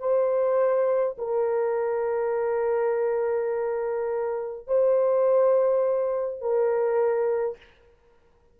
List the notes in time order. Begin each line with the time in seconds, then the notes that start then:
0.00 C5
1.18 A#4
4.68 C5
6.41 A#4